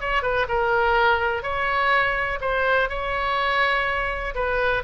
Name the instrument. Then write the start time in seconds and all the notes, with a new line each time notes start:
oboe
0.00 C#5
0.22 B4
0.48 A#4
1.42 C#5
2.40 C5
2.89 C#5
4.34 B4